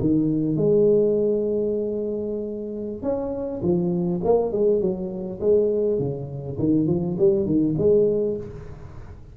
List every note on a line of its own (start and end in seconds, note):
0.00 0.56 D#3
0.56 3.02 G#3
3.02 3.61 C#4
3.62 4.21 F3
4.24 4.52 A#3
4.52 4.81 G#3
4.81 5.40 F#3
5.41 5.99 G#3
5.99 6.57 C#3
6.59 6.87 D#3
6.87 7.16 F3
7.18 7.45 G3
7.45 7.75 D#3
7.78 8.37 G#3